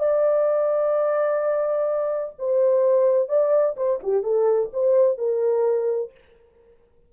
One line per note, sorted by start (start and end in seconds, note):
0.00 2.34 D5
2.39 3.29 C5
3.29 3.76 D5
3.77 4.00 C5
4.04 4.24 G4
4.24 4.70 A4
4.73 5.18 C5
5.18 6.12 A#4